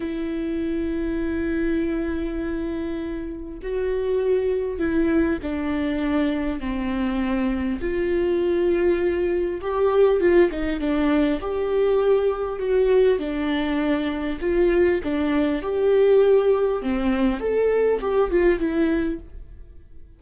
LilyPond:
\new Staff \with { instrumentName = "viola" } { \time 4/4 \tempo 4 = 100 e'1~ | e'2 fis'2 | e'4 d'2 c'4~ | c'4 f'2. |
g'4 f'8 dis'8 d'4 g'4~ | g'4 fis'4 d'2 | f'4 d'4 g'2 | c'4 a'4 g'8 f'8 e'4 | }